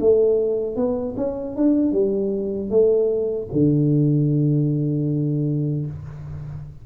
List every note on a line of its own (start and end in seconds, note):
0.00 0.76 A3
0.76 1.15 B3
1.17 1.55 C#4
1.55 1.92 D4
1.92 2.70 G3
2.70 3.48 A3
3.52 5.86 D3